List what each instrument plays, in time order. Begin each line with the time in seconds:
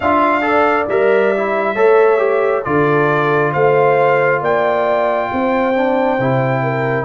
0.00 tuba D4, trombone F4, horn E5, trumpet F5
0.41 trombone A4, horn D5
0.88 tuba G3, trombone A#4, trumpet E5
1.36 trombone E4
1.75 tuba A3, trombone A4, horn C#5
2.17 trombone G4
2.63 tuba D3, trombone F4, horn A4, trumpet D5
3.52 tuba A3, horn C5, trumpet F5
4.41 tuba A#3, horn D5, trumpet G5
5.32 tuba C4, horn C5
5.74 trombone D4
6.18 tuba C3, trombone E4
6.62 horn A#4